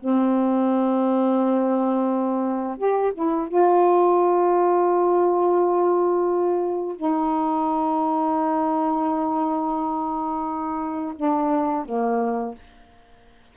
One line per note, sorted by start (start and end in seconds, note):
0.00 2.78 C4
2.78 3.13 G4
3.14 3.49 E4
3.49 6.96 F4
6.96 11.15 D#4
11.16 11.86 D4
11.86 12.55 A#3